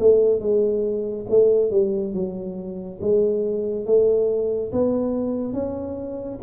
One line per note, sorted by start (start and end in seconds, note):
0.00 0.41 A3
0.41 1.26 G#3
1.30 1.71 A3
1.71 2.14 G3
2.14 3.00 F#3
3.01 3.86 G#3
3.86 4.71 A3
4.72 5.54 B3
5.54 6.39 C#4